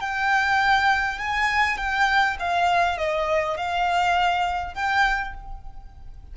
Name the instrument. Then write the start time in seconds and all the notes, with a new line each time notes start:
violin
0.00 G5
1.19 G#5
1.77 G5
2.40 F5
2.98 D#5
3.57 F5
4.74 G5